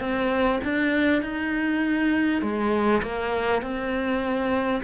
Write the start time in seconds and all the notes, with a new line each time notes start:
0.00 C4
0.64 D4
1.22 D#4
2.42 G#3
3.02 A#3
3.62 C4